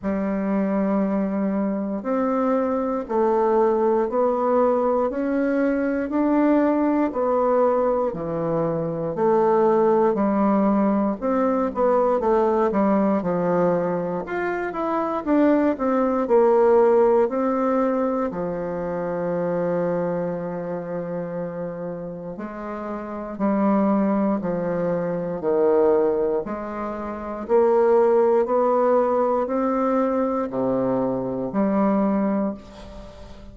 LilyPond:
\new Staff \with { instrumentName = "bassoon" } { \time 4/4 \tempo 4 = 59 g2 c'4 a4 | b4 cis'4 d'4 b4 | e4 a4 g4 c'8 b8 | a8 g8 f4 f'8 e'8 d'8 c'8 |
ais4 c'4 f2~ | f2 gis4 g4 | f4 dis4 gis4 ais4 | b4 c'4 c4 g4 | }